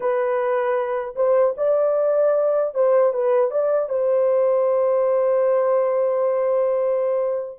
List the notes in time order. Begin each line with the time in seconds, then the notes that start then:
0.00 B4
1.15 C5
1.57 D5
2.74 C5
3.13 B4
3.50 D5
3.89 C5